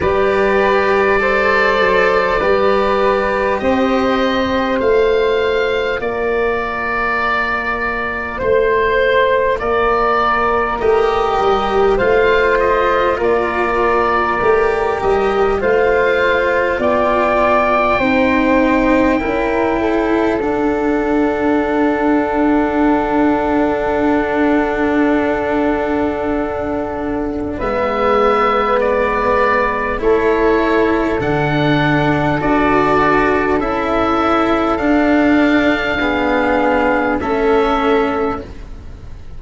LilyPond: <<
  \new Staff \with { instrumentName = "oboe" } { \time 4/4 \tempo 4 = 50 d''2. dis''4 | f''4 d''2 c''4 | d''4 dis''4 f''8 dis''8 d''4~ | d''8 dis''8 f''4 g''2~ |
g''4 fis''2.~ | fis''2. e''4 | d''4 cis''4 fis''4 d''4 | e''4 f''2 e''4 | }
  \new Staff \with { instrumentName = "flute" } { \time 4/4 b'4 c''4 b'4 c''4~ | c''4 ais'2 c''4 | ais'2 c''4 ais'4~ | ais'4 c''4 d''4 c''4 |
ais'8 a'2.~ a'8~ | a'2. b'4~ | b'4 a'2.~ | a'2 gis'4 a'4 | }
  \new Staff \with { instrumentName = "cello" } { \time 4/4 g'4 a'4 g'2 | f'1~ | f'4 g'4 f'2 | g'4 f'2 dis'4 |
e'4 d'2.~ | d'2. b4~ | b4 e'4 d'4 fis'4 | e'4 d'4 b4 cis'4 | }
  \new Staff \with { instrumentName = "tuba" } { \time 4/4 g4. fis8 g4 c'4 | a4 ais2 a4 | ais4 a8 g8 a4 ais4 | a8 g8 a4 b4 c'4 |
cis'4 d'2.~ | d'2. gis4~ | gis4 a4 d4 d'4 | cis'4 d'2 a4 | }
>>